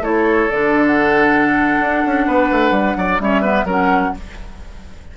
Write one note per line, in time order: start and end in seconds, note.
0.00 0.47 A3
0.00 0.49 E4
0.00 2.25 A4
0.00 0.50 C#5
0.50 1.80 D3
0.50 3.20 D4
0.50 0.85 D5
0.86 3.20 F#5
1.80 2.03 D4
2.05 2.26 C#4
2.26 2.50 B3
2.26 2.97 B4
2.51 2.71 A3
2.71 2.94 G3
2.96 3.19 F#3
2.96 3.21 D5
3.19 3.63 G3
3.19 3.43 C#4
3.19 3.41 C#5
3.19 3.67 E5
3.41 3.66 B3
3.41 3.65 B4
3.63 4.10 F#3
3.63 4.14 C#4
3.63 4.12 A#4
3.70 4.17 F#5